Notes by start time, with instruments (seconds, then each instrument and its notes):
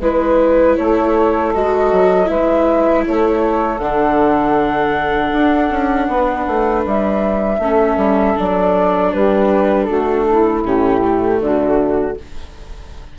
0.00 bassoon G#3, viola E4, saxophone B4, flute B4
0.76 bassoon A3, saxophone A4, flute C#5
1.54 bassoon G#3, viola F#4, flute D#5
1.92 bassoon F#3
2.25 bassoon G#3, viola E4, saxophone B4, flute E5
3.06 bassoon A3, saxophone A4, flute C#5
3.79 bassoon D3, viola D4, flute F#5
5.32 bassoon D4
5.70 bassoon C#4
6.08 bassoon B3, saxophone B4
6.47 bassoon A3
6.86 bassoon G3, flute E5
7.59 bassoon A3, viola C#4, saxophone A4
7.97 bassoon G3
8.36 bassoon F#3, viola D4, flute D5
9.13 bassoon G3, saxophone G4, flute B4
9.84 saxophone F#4, flute A4
9.91 bassoon A3
10.28 saxophone E4
10.64 bassoon A2, viola C#4, flute G4
11.01 viola A3
11.40 bassoon D3, saxophone D4, flute F#4